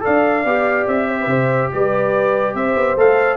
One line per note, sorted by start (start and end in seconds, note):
0.00 0.42 A4
0.00 1.09 D5
0.00 0.87 F5
0.07 0.44 D4
0.44 0.86 B3
0.44 2.97 G4
0.87 1.26 C4
0.87 1.71 E5
1.09 1.19 C5
1.21 1.68 C3
1.21 1.29 B4
1.29 1.71 C5
1.72 2.54 G3
1.72 2.55 B4
1.72 2.55 D5
2.54 2.75 C4
2.54 3.37 C5
2.54 2.97 E5
2.75 2.96 B3
2.96 3.37 A3
2.96 3.37 A4
2.96 3.37 F5